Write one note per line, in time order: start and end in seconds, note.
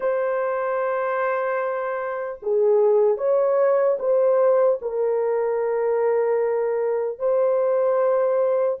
0.00 2.39 C5
2.42 3.17 G#4
3.17 3.97 C#5
3.99 4.79 C5
4.81 7.19 A#4
7.19 8.79 C5